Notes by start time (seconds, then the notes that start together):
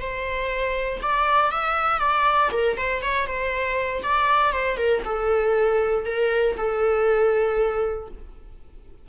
0.00 C5
1.02 D5
1.51 E5
1.99 D5
2.52 A#4
2.77 C5
3.02 C#5
3.27 C5
4.03 D5
4.52 C5
4.77 A#4
5.05 A4
6.06 A#4
6.57 A4